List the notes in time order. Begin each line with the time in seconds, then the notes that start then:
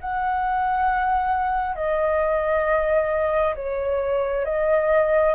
0.00 F#5
1.75 D#5
3.55 C#5
4.45 D#5